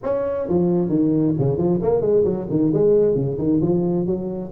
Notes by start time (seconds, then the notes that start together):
0.03 C#4
0.48 F3
0.88 D#3
1.38 C#3
1.57 F3
1.82 A#3
2.01 G#3
2.24 F#3
2.49 D#3
2.73 G#3
3.15 C#3
3.38 D#3
3.61 F3
4.06 F#3